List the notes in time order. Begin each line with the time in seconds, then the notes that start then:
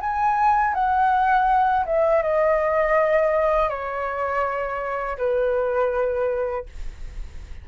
0.00 G#5
0.74 F#5
1.85 E5
2.22 D#5
3.69 C#5
5.17 B4